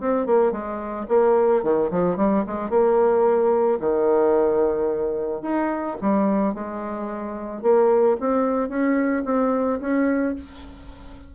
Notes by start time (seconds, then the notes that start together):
0.00 C4
0.26 A#3
0.52 G#3
1.08 A#3
1.63 D#3
1.90 F3
2.16 G3
2.46 G#3
2.70 A#3
3.79 D#3
5.42 D#4
6.01 G3
6.54 G#3
7.62 A#3
8.20 C4
8.69 C#4
9.25 C4
9.80 C#4